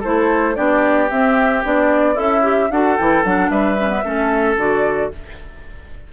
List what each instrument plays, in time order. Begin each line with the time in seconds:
0.00 bassoon A3, clarinet E4, oboe A4, flute C5
0.55 bassoon B3, clarinet D4, oboe G4, flute D5
1.10 clarinet C4, bassoon C4, flute E5
1.63 bassoon B3, clarinet D4, flute D5
2.14 bassoon C#4, oboe E4, clarinet A4, flute E5
2.43 clarinet G4
2.70 bassoon D4, clarinet F#4, oboe A4, flute F#5
2.97 bassoon E3, clarinet E4, flute G5
3.24 bassoon F#3, clarinet D4, flute F#5
3.49 bassoon G3, oboe B4, flute E5
3.79 clarinet C#4
3.89 clarinet B3
4.04 bassoon A3, clarinet C#4, oboe A4
4.57 bassoon D3, clarinet F#4, flute D5